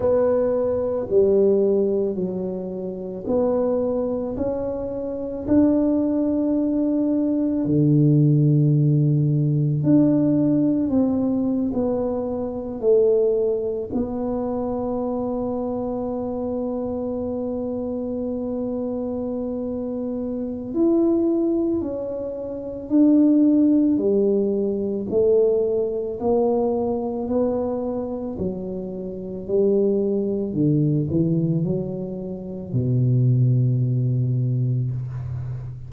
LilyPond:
\new Staff \with { instrumentName = "tuba" } { \time 4/4 \tempo 4 = 55 b4 g4 fis4 b4 | cis'4 d'2 d4~ | d4 d'4 c'8. b4 a16~ | a8. b2.~ b16~ |
b2. e'4 | cis'4 d'4 g4 a4 | ais4 b4 fis4 g4 | d8 e8 fis4 b,2 | }